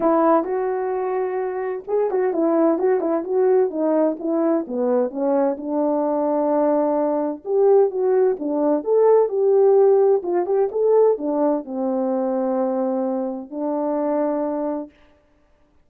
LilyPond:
\new Staff \with { instrumentName = "horn" } { \time 4/4 \tempo 4 = 129 e'4 fis'2. | gis'8 fis'8 e'4 fis'8 e'8 fis'4 | dis'4 e'4 b4 cis'4 | d'1 |
g'4 fis'4 d'4 a'4 | g'2 f'8 g'8 a'4 | d'4 c'2.~ | c'4 d'2. | }